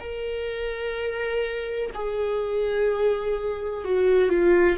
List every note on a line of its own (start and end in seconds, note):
0.00 1.90 A#4
1.95 3.85 G#4
3.85 4.29 F#4
4.29 4.77 F4